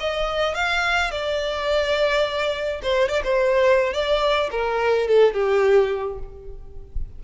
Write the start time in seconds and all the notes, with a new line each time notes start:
0.00 D#5
0.55 F5
1.11 D5
2.83 C5
3.09 D5
3.24 C5
3.94 D5
4.51 A#4
5.08 A4
5.34 G4